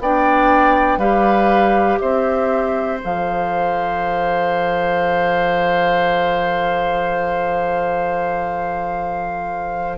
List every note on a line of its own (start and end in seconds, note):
0.00 0.98 B3
0.00 1.00 D4
0.00 0.99 D5
0.00 0.99 G5
0.98 1.98 G3
0.98 3.00 G4
0.98 1.99 B4
0.98 1.99 F5
1.99 3.02 C4
1.99 9.98 C5
1.99 2.99 E5
3.00 9.98 F3
3.00 9.98 A4
3.00 9.98 F5